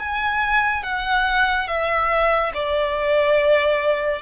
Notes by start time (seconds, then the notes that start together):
0.00 G#5
0.83 F#5
1.68 E5
2.54 D5